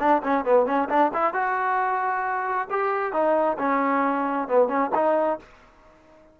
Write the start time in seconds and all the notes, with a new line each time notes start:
0.00 D4
0.23 C#4
0.45 B3
0.66 C#4
0.90 D4
1.14 E4
1.34 F#4
2.71 G4
3.13 D#4
3.59 C#4
4.48 B3
4.68 C#4
4.95 D#4